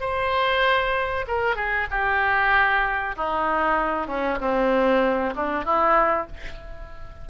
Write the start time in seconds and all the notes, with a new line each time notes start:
0.00 C5
1.27 A#4
1.55 G#4
1.90 G4
3.16 D#4
4.07 C#4
4.40 C4
5.36 D4
5.64 E4